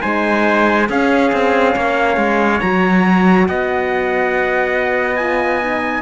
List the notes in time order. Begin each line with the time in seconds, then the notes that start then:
0.00 G#3 D#4 C5 G#5
0.89 C#4 G#4 F5
1.32 C4
1.76 A#3 C#5
2.17 G#3
2.61 F#3 F#4 A#5
3.48 B3 D#5 F#5
5.16 F4 G#5
5.62 D#4